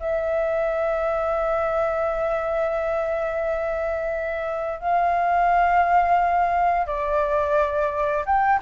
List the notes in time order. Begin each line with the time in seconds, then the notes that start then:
0.00 E5
4.80 F5
6.87 D5
8.26 G5